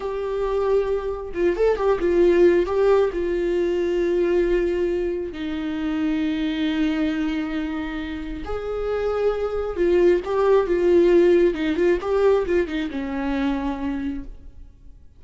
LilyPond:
\new Staff \with { instrumentName = "viola" } { \time 4/4 \tempo 4 = 135 g'2. f'8 a'8 | g'8 f'4. g'4 f'4~ | f'1 | dis'1~ |
dis'2. gis'4~ | gis'2 f'4 g'4 | f'2 dis'8 f'8 g'4 | f'8 dis'8 cis'2. | }